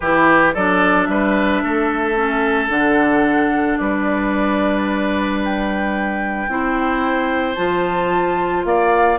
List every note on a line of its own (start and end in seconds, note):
0.00 0.55 E3
0.00 0.56 E4
0.00 0.54 G4
0.00 0.52 B4
0.54 1.08 F#3
0.54 2.15 D4
0.54 1.08 A4
0.54 1.05 D5
1.05 1.62 G3
1.05 1.63 B4
1.05 2.67 E5
1.63 2.69 A3
1.63 3.79 A4
2.15 2.69 C#4
2.69 3.77 D3
2.69 6.47 D4
2.69 3.77 F#5
3.77 6.47 G3
3.77 6.50 B4
3.77 5.39 D5
5.43 7.54 G5
6.47 7.56 C4
6.47 7.55 E4
6.47 8.66 C5
7.54 8.64 F3
7.54 9.17 F4
7.54 8.62 A5
8.64 9.18 A#3
8.64 9.18 D5
8.64 9.18 F5